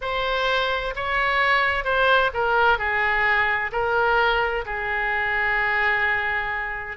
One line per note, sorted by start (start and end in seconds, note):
0.01 0.94 C5
0.95 1.84 C#5
1.84 2.30 C5
2.33 2.78 A#4
2.78 3.71 G#4
3.71 4.64 A#4
4.65 6.97 G#4